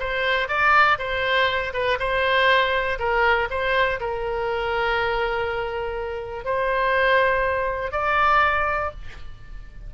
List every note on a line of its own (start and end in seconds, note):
0.00 0.48 C5
0.48 0.98 D5
0.99 1.73 C5
1.73 1.98 B4
2.00 2.99 C5
2.99 3.49 A#4
3.50 4.00 C5
4.00 6.45 A#4
6.45 7.92 C5
7.92 8.91 D5